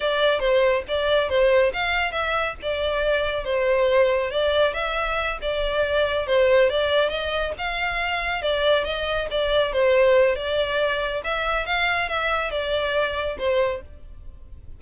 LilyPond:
\new Staff \with { instrumentName = "violin" } { \time 4/4 \tempo 4 = 139 d''4 c''4 d''4 c''4 | f''4 e''4 d''2 | c''2 d''4 e''4~ | e''8 d''2 c''4 d''8~ |
d''8 dis''4 f''2 d''8~ | d''8 dis''4 d''4 c''4. | d''2 e''4 f''4 | e''4 d''2 c''4 | }